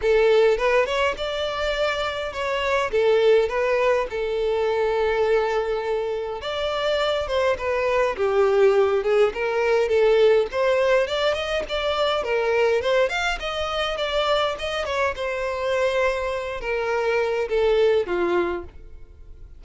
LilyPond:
\new Staff \with { instrumentName = "violin" } { \time 4/4 \tempo 4 = 103 a'4 b'8 cis''8 d''2 | cis''4 a'4 b'4 a'4~ | a'2. d''4~ | d''8 c''8 b'4 g'4. gis'8 |
ais'4 a'4 c''4 d''8 dis''8 | d''4 ais'4 c''8 f''8 dis''4 | d''4 dis''8 cis''8 c''2~ | c''8 ais'4. a'4 f'4 | }